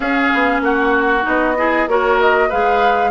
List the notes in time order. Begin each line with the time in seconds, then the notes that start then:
0.00 C#4 G#4 F5
0.33 B3
0.61 A#3 F#4 F#5
1.22 B3 D#4 D#5
1.57 E4 G#4
1.87 A#3 F#4 A#4 C#5
2.20 D#5
2.48 G#3 G#4 B4 F5